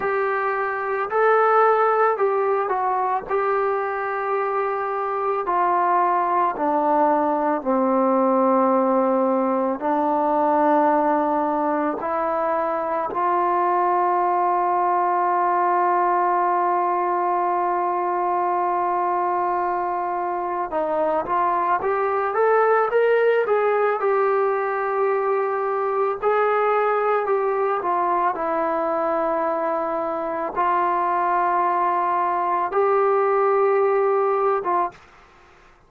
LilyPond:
\new Staff \with { instrumentName = "trombone" } { \time 4/4 \tempo 4 = 55 g'4 a'4 g'8 fis'8 g'4~ | g'4 f'4 d'4 c'4~ | c'4 d'2 e'4 | f'1~ |
f'2. dis'8 f'8 | g'8 a'8 ais'8 gis'8 g'2 | gis'4 g'8 f'8 e'2 | f'2 g'4.~ g'16 f'16 | }